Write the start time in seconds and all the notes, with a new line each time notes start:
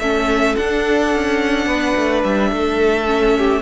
0.00 A3 C#4 A4 E5
0.56 D4 F#5
1.16 C#4
1.67 B3 B4
1.97 A3
2.24 G3 E5
2.52 A3 A4
3.07 C#4
3.39 G4